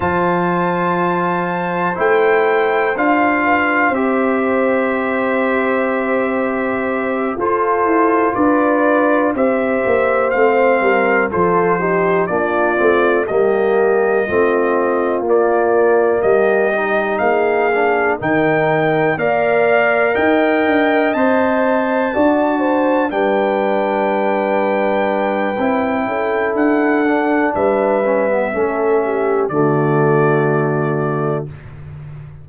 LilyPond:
<<
  \new Staff \with { instrumentName = "trumpet" } { \time 4/4 \tempo 4 = 61 a''2 g''4 f''4 | e''2.~ e''8 c''8~ | c''8 d''4 e''4 f''4 c''8~ | c''8 d''4 dis''2 d''8~ |
d''8 dis''4 f''4 g''4 f''8~ | f''8 g''4 a''2 g''8~ | g''2. fis''4 | e''2 d''2 | }
  \new Staff \with { instrumentName = "horn" } { \time 4/4 c''2.~ c''8 b'8 | c''2.~ c''8 a'8~ | a'8 b'4 c''4. ais'8 a'8 | g'8 f'4 g'4 f'4.~ |
f'8 g'4 gis'4 ais'4 d''8~ | d''8 dis''2 d''8 c''8 b'8~ | b'2~ b'8 a'4. | b'4 a'8 g'8 fis'2 | }
  \new Staff \with { instrumentName = "trombone" } { \time 4/4 f'2 e'4 f'4 | g'2.~ g'8 f'8~ | f'4. g'4 c'4 f'8 | dis'8 d'8 c'8 ais4 c'4 ais8~ |
ais4 dis'4 d'8 dis'4 ais'8~ | ais'4. c''4 fis'4 d'8~ | d'2 e'4. d'8~ | d'8 cis'16 b16 cis'4 a2 | }
  \new Staff \with { instrumentName = "tuba" } { \time 4/4 f2 a4 d'4 | c'2.~ c'8 f'8 | e'8 d'4 c'8 ais8 a8 g8 f8~ | f8 ais8 a8 g4 a4 ais8~ |
ais8 g4 ais4 dis4 ais8~ | ais8 dis'8 d'8 c'4 d'4 g8~ | g2 c'8 cis'8 d'4 | g4 a4 d2 | }
>>